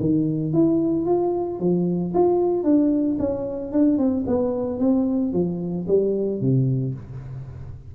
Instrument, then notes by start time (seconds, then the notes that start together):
tuba
0.00 D#3
0.53 E4
1.06 F4
1.60 F3
2.14 F4
2.64 D4
3.19 C#4
3.72 D4
3.98 C4
4.27 B3
4.79 C4
5.33 F3
5.88 G3
6.41 C3